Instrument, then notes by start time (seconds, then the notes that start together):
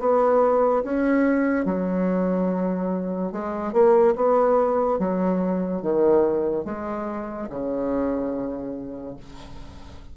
bassoon
0.00 B3
0.84 C#4
1.65 F#3
3.32 G#3
3.73 A#3
4.16 B3
4.99 F#3
5.82 D#3
6.65 G#3
7.50 C#3